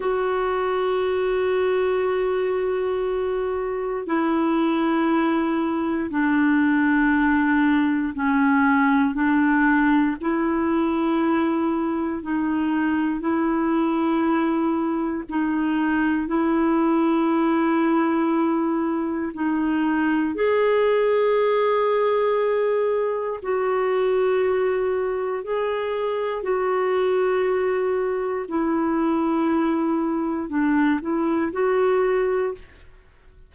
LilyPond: \new Staff \with { instrumentName = "clarinet" } { \time 4/4 \tempo 4 = 59 fis'1 | e'2 d'2 | cis'4 d'4 e'2 | dis'4 e'2 dis'4 |
e'2. dis'4 | gis'2. fis'4~ | fis'4 gis'4 fis'2 | e'2 d'8 e'8 fis'4 | }